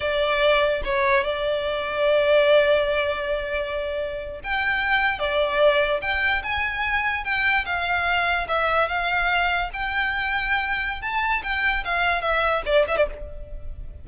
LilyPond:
\new Staff \with { instrumentName = "violin" } { \time 4/4 \tempo 4 = 147 d''2 cis''4 d''4~ | d''1~ | d''2~ d''8. g''4~ g''16~ | g''8. d''2 g''4 gis''16~ |
gis''4.~ gis''16 g''4 f''4~ f''16~ | f''8. e''4 f''2 g''16~ | g''2. a''4 | g''4 f''4 e''4 d''8 e''16 d''16 | }